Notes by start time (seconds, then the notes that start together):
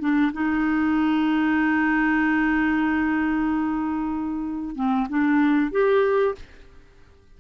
0.00 D4
0.33 D#4
4.76 C4
5.09 D4
5.71 G4